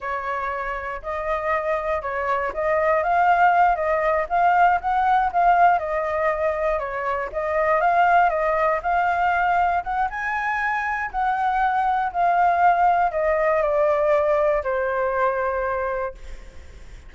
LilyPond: \new Staff \with { instrumentName = "flute" } { \time 4/4 \tempo 4 = 119 cis''2 dis''2 | cis''4 dis''4 f''4. dis''8~ | dis''8 f''4 fis''4 f''4 dis''8~ | dis''4. cis''4 dis''4 f''8~ |
f''8 dis''4 f''2 fis''8 | gis''2 fis''2 | f''2 dis''4 d''4~ | d''4 c''2. | }